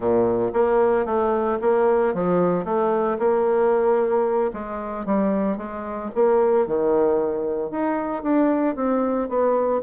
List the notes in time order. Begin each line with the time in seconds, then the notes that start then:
0.00 A#2
0.53 A#3
1.05 A3
1.61 A#3
2.14 F3
2.64 A3
3.18 A#3
4.53 G#3
5.05 G3
5.57 G#3
6.14 A#3
6.67 D#3
7.70 D#4
8.23 D4
8.75 C4
9.28 B3